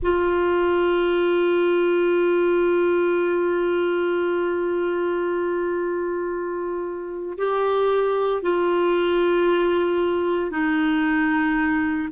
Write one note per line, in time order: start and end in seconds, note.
0.02 7.38 F4
7.38 8.42 G4
8.42 10.50 F4
10.50 12.08 D#4